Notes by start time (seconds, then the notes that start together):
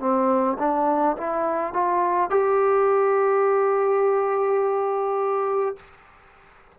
0.00 C4
0.59 D4
1.17 E4
1.74 F4
2.30 G4